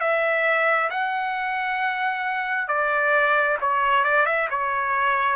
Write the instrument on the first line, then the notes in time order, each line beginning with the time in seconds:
trumpet
0.00 E5
0.90 F#5
2.68 D5
3.61 C#5
4.04 D5
4.25 E5
4.50 C#5